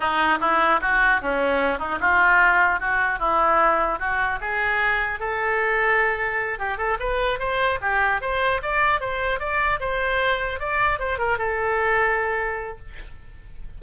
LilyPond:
\new Staff \with { instrumentName = "oboe" } { \time 4/4 \tempo 4 = 150 dis'4 e'4 fis'4 cis'4~ | cis'8 dis'8 f'2 fis'4 | e'2 fis'4 gis'4~ | gis'4 a'2.~ |
a'8 g'8 a'8 b'4 c''4 g'8~ | g'8 c''4 d''4 c''4 d''8~ | d''8 c''2 d''4 c''8 | ais'8 a'2.~ a'8 | }